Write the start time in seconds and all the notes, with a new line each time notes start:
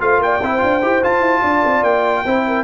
0.00 A3 F4 C5 F5
0.18 A#3 G5
0.24 D5
0.41 C4 E4 C5
0.58 D4 F4
0.82 E4 G4
1.03 F4 A5
1.20 E4
1.41 D4 D5
1.65 C4
1.83 A#3 G5
2.26 C4 E4 C5
2.47 A#4